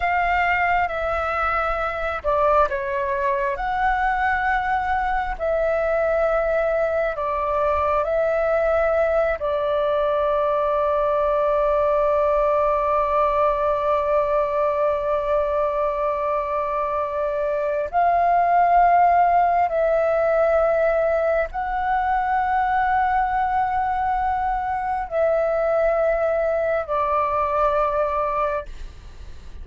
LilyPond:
\new Staff \with { instrumentName = "flute" } { \time 4/4 \tempo 4 = 67 f''4 e''4. d''8 cis''4 | fis''2 e''2 | d''4 e''4. d''4.~ | d''1~ |
d''1 | f''2 e''2 | fis''1 | e''2 d''2 | }